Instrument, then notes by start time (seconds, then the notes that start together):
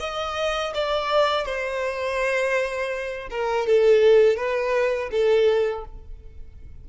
violin
0.00 D#5
0.75 D5
1.46 C5
3.31 A#4
3.67 A4
4.37 B4
5.12 A4